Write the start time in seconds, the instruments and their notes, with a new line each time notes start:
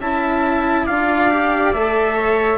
0.00 bassoon C#4, cello E4, viola E5, trumpet A5
0.85 bassoon D4, cello F4, viola D5, trumpet F5
1.31 cello G4
1.74 bassoon A3, cello A4, trumpet E5
2.16 viola C#5